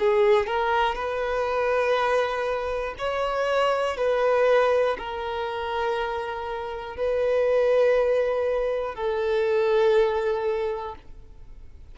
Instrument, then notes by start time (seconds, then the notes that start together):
violin
0.00 G#4
0.47 A#4
0.95 B4
2.99 C#5
3.98 B4
4.99 A#4
6.97 B4
8.95 A4